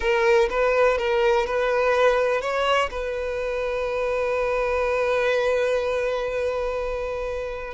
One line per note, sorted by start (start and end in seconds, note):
0.00 0.48 A#4
0.50 0.98 B4
0.98 1.46 A#4
1.46 2.41 B4
2.41 2.89 C#5
2.90 7.74 B4